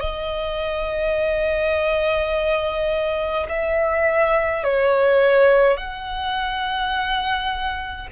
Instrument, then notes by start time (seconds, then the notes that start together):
violin
0.00 D#5
3.48 E5
4.64 C#5
5.77 F#5